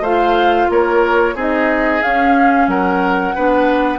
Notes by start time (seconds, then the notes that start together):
0.00 A3 F4 C5 F5
0.70 A#3 A#4 C#5
1.35 C4 D#4 G#4 D#5
2.02 C#4 F5
2.67 F#3 A#4 F#5
3.35 B3 D4 B4